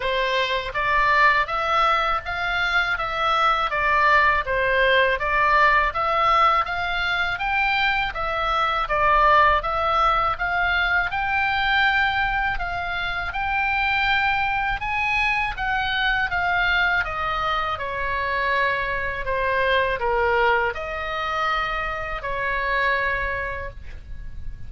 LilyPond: \new Staff \with { instrumentName = "oboe" } { \time 4/4 \tempo 4 = 81 c''4 d''4 e''4 f''4 | e''4 d''4 c''4 d''4 | e''4 f''4 g''4 e''4 | d''4 e''4 f''4 g''4~ |
g''4 f''4 g''2 | gis''4 fis''4 f''4 dis''4 | cis''2 c''4 ais'4 | dis''2 cis''2 | }